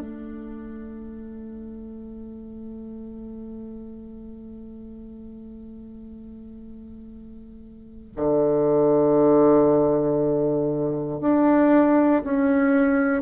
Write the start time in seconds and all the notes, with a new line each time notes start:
0.00 A3
8.16 D3
11.20 D4
12.24 C#4